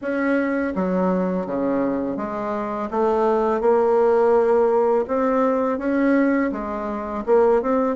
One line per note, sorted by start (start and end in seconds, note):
0.01 0.73 C#4
0.75 1.46 F#3
1.46 2.17 C#3
2.17 2.89 G#3
2.90 3.60 A3
3.60 5.05 A#3
5.07 5.78 C4
5.78 6.51 C#4
6.52 7.24 G#3
7.26 7.61 A#3
7.61 7.96 C4